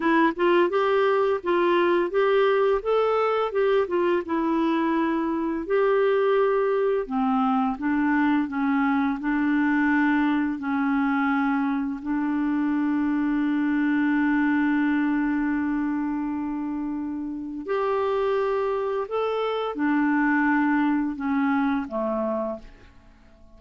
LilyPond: \new Staff \with { instrumentName = "clarinet" } { \time 4/4 \tempo 4 = 85 e'8 f'8 g'4 f'4 g'4 | a'4 g'8 f'8 e'2 | g'2 c'4 d'4 | cis'4 d'2 cis'4~ |
cis'4 d'2.~ | d'1~ | d'4 g'2 a'4 | d'2 cis'4 a4 | }